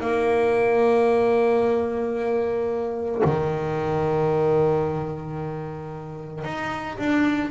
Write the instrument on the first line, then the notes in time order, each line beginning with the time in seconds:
double bass
0.00 A#3
3.24 D#3
6.44 D#4
6.97 D4